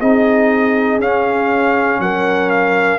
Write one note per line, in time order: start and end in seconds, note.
0.00 1.00 C4
0.00 1.01 D#4
0.00 2.00 G#4
0.00 1.01 D#5
1.00 2.00 C#4
1.00 2.99 C#4
1.00 2.01 F5
2.00 2.99 F#3
2.00 2.99 A#4
2.00 2.51 F#5
2.51 2.99 F5